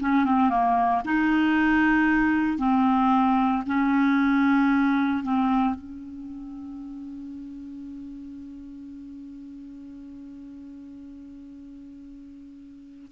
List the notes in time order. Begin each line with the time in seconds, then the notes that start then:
0.00 C#4
0.25 C4
0.50 A#3
1.05 D#4
2.58 C4
3.67 C#4
5.23 C4
5.75 C#4